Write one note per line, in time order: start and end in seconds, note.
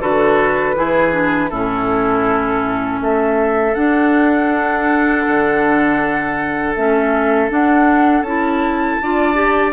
0.00 0.76 D3
0.00 0.75 F#4
0.00 0.75 A4
0.00 1.49 B4
0.75 1.51 E3
0.75 1.12 E4
0.75 1.50 G#4
1.12 1.49 D4
1.49 3.00 A2
1.49 3.74 C#4
1.49 3.00 E4
1.49 2.99 A4
3.00 3.75 A3
3.00 9.02 A4
3.00 3.74 E5
3.74 6.74 D4
3.74 5.25 D4
3.74 6.74 F#5
5.27 6.76 D3
6.75 7.50 A3
6.75 7.50 C#4
6.75 7.50 E5
7.50 8.22 D4
7.50 8.25 D4
7.50 8.22 F#5
8.22 8.97 C#4
8.22 9.01 E4
8.22 9.72 A5
9.01 9.73 D4
9.01 9.34 F4
9.01 9.73 D5
9.34 9.72 G4